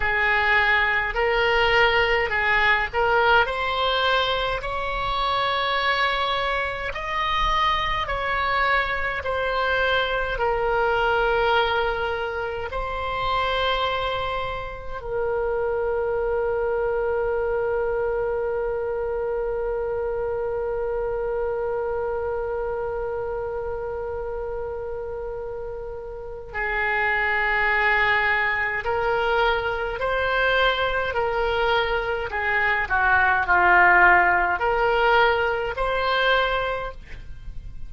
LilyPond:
\new Staff \with { instrumentName = "oboe" } { \time 4/4 \tempo 4 = 52 gis'4 ais'4 gis'8 ais'8 c''4 | cis''2 dis''4 cis''4 | c''4 ais'2 c''4~ | c''4 ais'2.~ |
ais'1~ | ais'2. gis'4~ | gis'4 ais'4 c''4 ais'4 | gis'8 fis'8 f'4 ais'4 c''4 | }